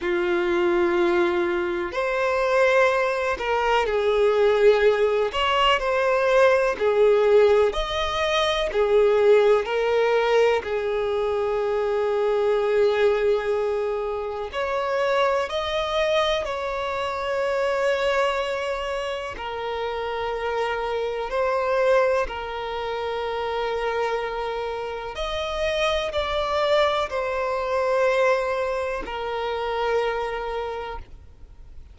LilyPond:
\new Staff \with { instrumentName = "violin" } { \time 4/4 \tempo 4 = 62 f'2 c''4. ais'8 | gis'4. cis''8 c''4 gis'4 | dis''4 gis'4 ais'4 gis'4~ | gis'2. cis''4 |
dis''4 cis''2. | ais'2 c''4 ais'4~ | ais'2 dis''4 d''4 | c''2 ais'2 | }